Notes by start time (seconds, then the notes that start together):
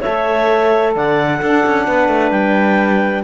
0.00 A4 C#5 E5
0.07 A3
0.95 D3 D5 F#5
1.39 D4 A4
1.66 C#4
1.86 B3 B4
2.08 A3
2.30 G3 G5